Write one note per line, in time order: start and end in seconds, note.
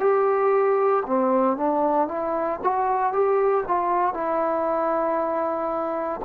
0.00 1.03 G4
1.06 1.57 C4
1.57 2.08 D4
2.08 2.60 E4
2.64 3.13 F#4
3.13 3.64 G4
3.67 4.14 F4
4.14 6.21 E4